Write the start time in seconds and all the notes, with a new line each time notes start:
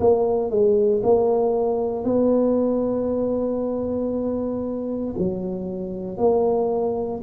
0.00 A#3
0.50 G#3
1.03 A#3
2.04 B3
5.18 F#3
6.17 A#3